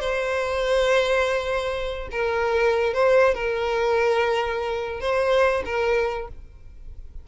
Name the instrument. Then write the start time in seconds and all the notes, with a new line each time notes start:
violin
0.00 C5
2.11 A#4
2.94 C5
3.34 A#4
5.01 C5
5.65 A#4